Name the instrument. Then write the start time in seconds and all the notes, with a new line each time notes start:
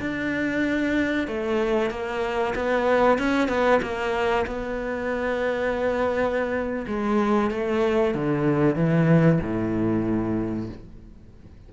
cello
0.00 D4
1.28 A3
1.90 A#3
2.55 B3
3.19 C#4
3.49 B3
3.82 A#3
4.47 B3
6.87 G#3
7.51 A3
8.15 D3
8.76 E3
9.41 A2